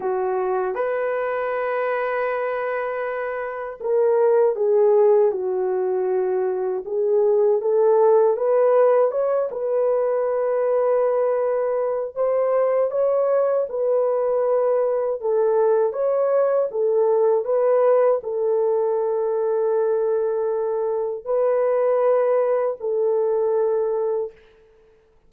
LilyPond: \new Staff \with { instrumentName = "horn" } { \time 4/4 \tempo 4 = 79 fis'4 b'2.~ | b'4 ais'4 gis'4 fis'4~ | fis'4 gis'4 a'4 b'4 | cis''8 b'2.~ b'8 |
c''4 cis''4 b'2 | a'4 cis''4 a'4 b'4 | a'1 | b'2 a'2 | }